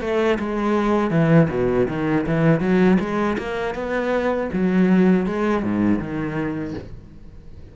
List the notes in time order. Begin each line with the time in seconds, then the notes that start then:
0.00 A3
0.39 G#3
1.10 E3
1.49 B2
1.88 D#3
2.26 E3
2.60 F#3
2.99 G#3
3.38 A#3
3.74 B3
4.52 F#3
5.26 G#3
5.62 G#2
5.99 D#3